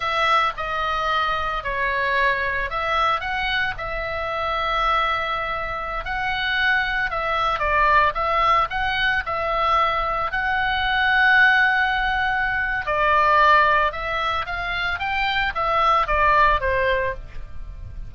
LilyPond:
\new Staff \with { instrumentName = "oboe" } { \time 4/4 \tempo 4 = 112 e''4 dis''2 cis''4~ | cis''4 e''4 fis''4 e''4~ | e''2.~ e''16 fis''8.~ | fis''4~ fis''16 e''4 d''4 e''8.~ |
e''16 fis''4 e''2 fis''8.~ | fis''1 | d''2 e''4 f''4 | g''4 e''4 d''4 c''4 | }